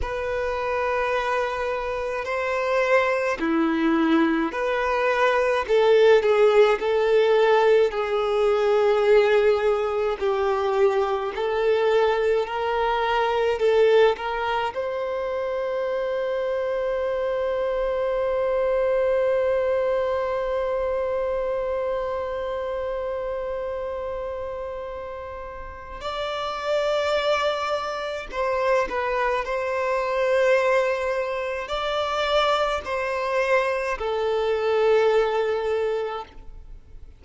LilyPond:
\new Staff \with { instrumentName = "violin" } { \time 4/4 \tempo 4 = 53 b'2 c''4 e'4 | b'4 a'8 gis'8 a'4 gis'4~ | gis'4 g'4 a'4 ais'4 | a'8 ais'8 c''2.~ |
c''1~ | c''2. d''4~ | d''4 c''8 b'8 c''2 | d''4 c''4 a'2 | }